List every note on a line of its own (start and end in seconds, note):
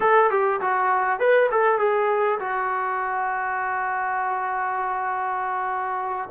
0.00 0.30 A4
0.30 0.60 G4
0.60 1.19 F#4
1.19 1.49 B4
1.51 1.78 A4
1.78 2.38 G#4
2.39 6.29 F#4